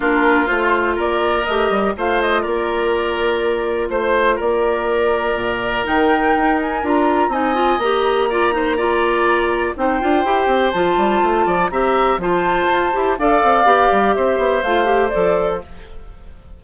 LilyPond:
<<
  \new Staff \with { instrumentName = "flute" } { \time 4/4 \tempo 4 = 123 ais'4 c''4 d''4 dis''4 | f''8 dis''8 d''2. | c''4 d''2. | g''4. gis''8 ais''4 gis''4 |
ais''1 | g''2 a''2 | ais''4 a''2 f''4~ | f''4 e''4 f''4 d''4 | }
  \new Staff \with { instrumentName = "oboe" } { \time 4/4 f'2 ais'2 | c''4 ais'2. | c''4 ais'2.~ | ais'2. dis''4~ |
dis''4 d''8 c''8 d''2 | c''2.~ c''8 d''8 | e''4 c''2 d''4~ | d''4 c''2. | }
  \new Staff \with { instrumentName = "clarinet" } { \time 4/4 d'4 f'2 g'4 | f'1~ | f'1 | dis'2 f'4 dis'8 f'8 |
g'4 f'8 dis'8 f'2 | dis'8 f'8 g'4 f'2 | g'4 f'4. g'8 a'4 | g'2 f'8 g'8 a'4 | }
  \new Staff \with { instrumentName = "bassoon" } { \time 4/4 ais4 a4 ais4 a8 g8 | a4 ais2. | a4 ais2 ais,4 | dis4 dis'4 d'4 c'4 |
ais1 | c'8 d'8 e'8 c'8 f8 g8 a8 f8 | c'4 f4 f'8 e'8 d'8 c'8 | b8 g8 c'8 b8 a4 f4 | }
>>